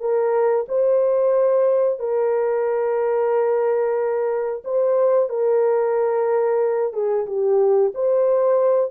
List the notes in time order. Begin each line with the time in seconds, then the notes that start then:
0.00 A#4
0.68 C5
1.99 A#4
4.65 C5
5.29 A#4
6.93 G#4
7.26 G4
7.95 C5